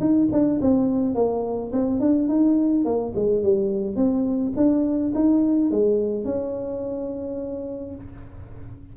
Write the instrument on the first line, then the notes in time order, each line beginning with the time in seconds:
tuba
0.00 D#4
0.32 D4
0.61 C4
1.15 A#3
1.72 C4
2.00 D4
2.28 D#4
2.85 A#3
3.15 G#3
3.42 G3
3.96 C4
4.56 D4
5.15 D#4
5.70 G#3
6.25 C#4